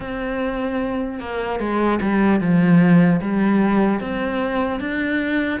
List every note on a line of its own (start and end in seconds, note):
0.00 1.19 C4
1.19 1.59 A#3
1.59 1.99 G#3
2.01 2.40 G3
2.40 3.20 F3
3.21 4.00 G3
4.00 4.80 C4
4.80 5.60 D4